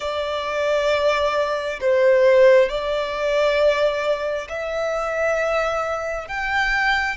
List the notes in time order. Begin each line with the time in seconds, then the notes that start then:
0.00 D5
1.80 C5
2.69 D5
4.48 E5
6.28 G5